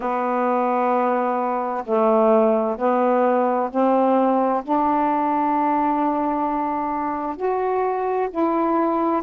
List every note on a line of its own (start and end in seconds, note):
0.00 1.84 B3
1.84 2.77 A3
2.77 3.69 B3
3.70 4.63 C4
4.63 7.36 D4
7.36 8.28 F#4
8.30 9.22 E4